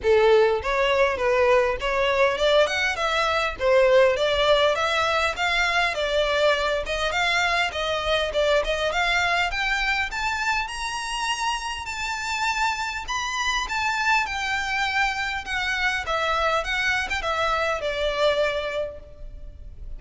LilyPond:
\new Staff \with { instrumentName = "violin" } { \time 4/4 \tempo 4 = 101 a'4 cis''4 b'4 cis''4 | d''8 fis''8 e''4 c''4 d''4 | e''4 f''4 d''4. dis''8 | f''4 dis''4 d''8 dis''8 f''4 |
g''4 a''4 ais''2 | a''2 b''4 a''4 | g''2 fis''4 e''4 | fis''8. g''16 e''4 d''2 | }